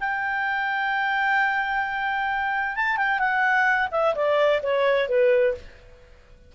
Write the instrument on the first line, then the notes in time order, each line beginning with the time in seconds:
clarinet
0.00 G5
2.76 A5
2.97 G5
3.19 F#5
3.92 E5
4.15 D5
4.63 C#5
5.09 B4